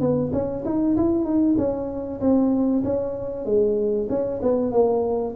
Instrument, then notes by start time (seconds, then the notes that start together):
tuba
0.00 B3
0.32 C#4
0.65 D#4
0.97 E4
1.24 D#4
1.57 C#4
2.20 C4
2.84 C#4
3.45 G#3
4.09 C#4
4.42 B3
4.72 A#3